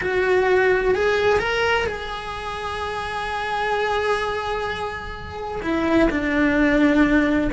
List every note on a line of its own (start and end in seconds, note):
0.01 0.94 F#4
0.94 1.39 G#4
1.39 1.86 A#4
1.86 5.61 G#4
5.62 6.09 E4
6.09 7.50 D4